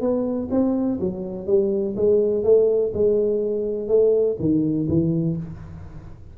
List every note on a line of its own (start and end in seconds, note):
0.00 0.48 B3
0.50 0.99 C4
1.00 1.46 F#3
1.46 1.95 G3
1.96 2.43 G#3
2.43 2.92 A3
2.93 3.88 G#3
3.88 4.36 A3
4.39 4.87 D#3
4.88 5.36 E3